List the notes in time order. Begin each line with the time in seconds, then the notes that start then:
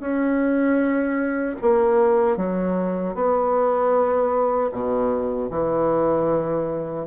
0.00 C#4
1.62 A#3
2.37 F#3
3.15 B3
4.71 B2
5.51 E3